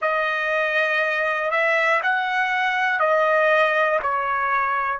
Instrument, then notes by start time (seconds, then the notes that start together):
trumpet
0.01 D#5
1.50 E5
2.03 F#5
3.00 D#5
4.02 C#5